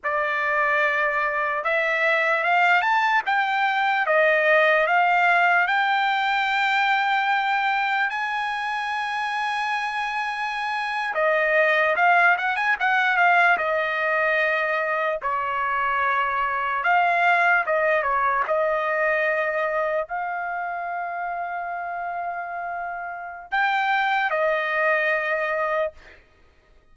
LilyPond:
\new Staff \with { instrumentName = "trumpet" } { \time 4/4 \tempo 4 = 74 d''2 e''4 f''8 a''8 | g''4 dis''4 f''4 g''4~ | g''2 gis''2~ | gis''4.~ gis''16 dis''4 f''8 fis''16 gis''16 fis''16~ |
fis''16 f''8 dis''2 cis''4~ cis''16~ | cis''8. f''4 dis''8 cis''8 dis''4~ dis''16~ | dis''8. f''2.~ f''16~ | f''4 g''4 dis''2 | }